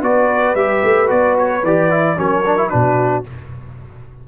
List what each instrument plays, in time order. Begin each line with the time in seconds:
0.00 tuba B3, trombone F#4, horn B4, trumpet D5
0.55 tuba G3, trombone G4, trumpet E5
0.84 tuba A3
1.07 tuba B3, trombone F#4, trumpet D5
1.38 trumpet C#5
1.63 tuba E3, trombone G4, trumpet D5
1.90 trombone E4
2.16 tuba F#3, trombone C#4, horn A#4, trumpet C#5
2.46 trombone D4
2.57 trombone E4
2.69 tuba B2, trombone D4, horn F#4, trumpet B4